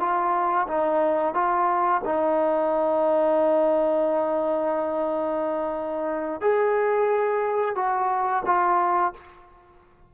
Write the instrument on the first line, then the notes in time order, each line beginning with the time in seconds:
trombone
0.00 F4
0.68 D#4
1.35 F4
2.05 D#4
6.41 G#4
7.76 F#4
8.46 F4